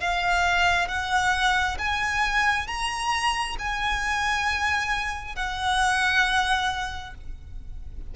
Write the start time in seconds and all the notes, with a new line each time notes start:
0.00 F5
0.88 F#5
1.79 G#5
2.67 A#5
3.59 G#5
5.36 F#5